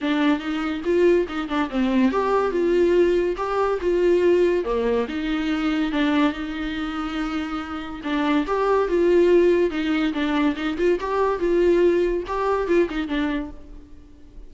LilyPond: \new Staff \with { instrumentName = "viola" } { \time 4/4 \tempo 4 = 142 d'4 dis'4 f'4 dis'8 d'8 | c'4 g'4 f'2 | g'4 f'2 ais4 | dis'2 d'4 dis'4~ |
dis'2. d'4 | g'4 f'2 dis'4 | d'4 dis'8 f'8 g'4 f'4~ | f'4 g'4 f'8 dis'8 d'4 | }